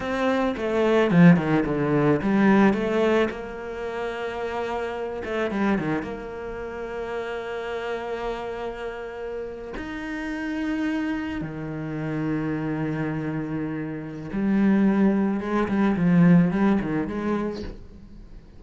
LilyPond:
\new Staff \with { instrumentName = "cello" } { \time 4/4 \tempo 4 = 109 c'4 a4 f8 dis8 d4 | g4 a4 ais2~ | ais4. a8 g8 dis8 ais4~ | ais1~ |
ais4.~ ais16 dis'2~ dis'16~ | dis'8. dis2.~ dis16~ | dis2 g2 | gis8 g8 f4 g8 dis8 gis4 | }